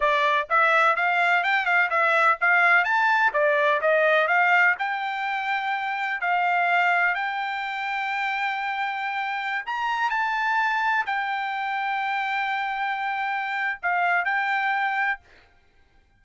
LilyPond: \new Staff \with { instrumentName = "trumpet" } { \time 4/4 \tempo 4 = 126 d''4 e''4 f''4 g''8 f''8 | e''4 f''4 a''4 d''4 | dis''4 f''4 g''2~ | g''4 f''2 g''4~ |
g''1~ | g''16 ais''4 a''2 g''8.~ | g''1~ | g''4 f''4 g''2 | }